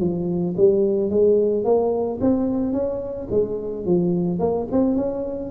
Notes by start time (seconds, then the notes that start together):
0.00 F3
0.57 G3
1.10 G#3
1.65 A#3
2.21 C4
2.73 C#4
3.31 G#3
3.86 F3
4.39 A#3
4.72 C4
4.96 C#4